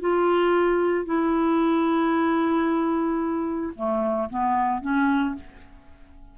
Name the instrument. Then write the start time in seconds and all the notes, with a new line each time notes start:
clarinet
0.00 F4
1.05 E4
3.75 A3
4.30 B3
4.81 C#4